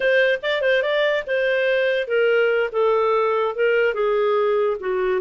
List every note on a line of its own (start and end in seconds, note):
0.00 0.39 C5
0.42 0.61 D5
0.61 0.82 C5
0.82 1.24 D5
1.27 2.07 C5
2.07 2.70 A#4
2.72 3.55 A4
3.55 3.93 A#4
3.93 4.77 G#4
4.79 5.21 F#4